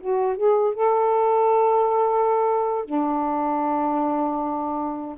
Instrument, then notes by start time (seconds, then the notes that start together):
saxophone
0.00 F#4
0.36 G#4
0.74 A4
2.85 D4